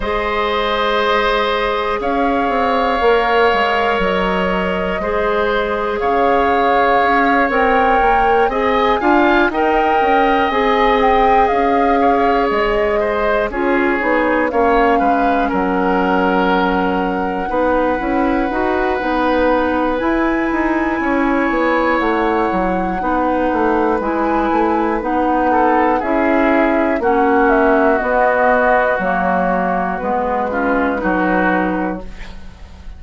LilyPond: <<
  \new Staff \with { instrumentName = "flute" } { \time 4/4 \tempo 4 = 60 dis''2 f''2 | dis''2 f''4. g''8~ | g''8 gis''4 g''4 gis''8 g''8 f''8~ | f''8 dis''4 cis''4 f''4 fis''8~ |
fis''1 | gis''2 fis''2 | gis''4 fis''4 e''4 fis''8 e''8 | dis''4 cis''4 b'2 | }
  \new Staff \with { instrumentName = "oboe" } { \time 4/4 c''2 cis''2~ | cis''4 c''4 cis''2~ | cis''8 dis''8 f''8 dis''2~ dis''8 | cis''4 c''8 gis'4 cis''8 b'8 ais'8~ |
ais'4. b'2~ b'8~ | b'4 cis''2 b'4~ | b'4. a'8 gis'4 fis'4~ | fis'2~ fis'8 f'8 fis'4 | }
  \new Staff \with { instrumentName = "clarinet" } { \time 4/4 gis'2. ais'4~ | ais'4 gis'2~ gis'8 ais'8~ | ais'8 gis'8 f'8 ais'4 gis'4.~ | gis'4. f'8 dis'8 cis'4.~ |
cis'4. dis'8 e'8 fis'8 dis'4 | e'2. dis'4 | e'4 dis'4 e'4 cis'4 | b4 ais4 b8 cis'8 dis'4 | }
  \new Staff \with { instrumentName = "bassoon" } { \time 4/4 gis2 cis'8 c'8 ais8 gis8 | fis4 gis4 cis4 cis'8 c'8 | ais8 c'8 d'8 dis'8 cis'8 c'4 cis'8~ | cis'8 gis4 cis'8 b8 ais8 gis8 fis8~ |
fis4. b8 cis'8 dis'8 b4 | e'8 dis'8 cis'8 b8 a8 fis8 b8 a8 | gis8 a8 b4 cis'4 ais4 | b4 fis4 gis4 fis4 | }
>>